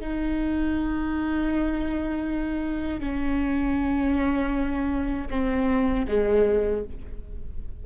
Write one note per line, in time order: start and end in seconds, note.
0.00 3.00 D#4
3.00 5.28 C#4
5.30 6.06 C4
6.08 6.84 G#3